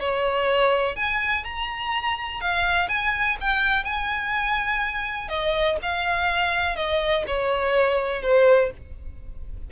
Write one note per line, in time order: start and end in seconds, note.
0.00 0.96 C#5
0.96 1.44 G#5
1.44 2.41 A#5
2.41 2.89 F5
2.89 3.37 G#5
3.41 3.84 G5
3.84 5.29 G#5
5.29 5.77 D#5
5.82 6.76 F5
6.76 7.24 D#5
7.27 8.22 C#5
8.22 8.71 C5